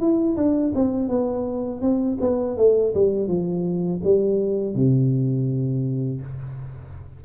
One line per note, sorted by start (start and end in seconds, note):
0.00 0.37 E4
0.37 0.74 D4
0.75 1.09 C4
1.09 1.82 B3
1.82 2.18 C4
2.21 2.57 B3
2.57 2.94 A3
2.94 3.28 G3
3.28 4.01 F3
4.04 4.75 G3
4.75 6.22 C3